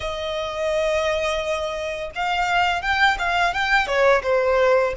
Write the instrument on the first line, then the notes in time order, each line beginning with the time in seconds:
violin
0.00 D#5
2.15 F5
2.82 G5
3.18 F5
3.53 G5
3.86 C#5
4.23 C5